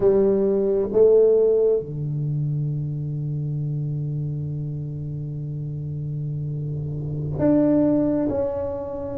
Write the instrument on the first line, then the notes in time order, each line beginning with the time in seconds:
tuba
0.00 G3
0.92 A3
1.80 D3
7.38 D4
8.28 C#4